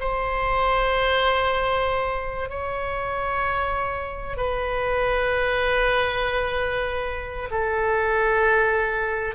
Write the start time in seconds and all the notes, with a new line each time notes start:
0.00 C5
2.50 C#5
4.37 B4
7.51 A4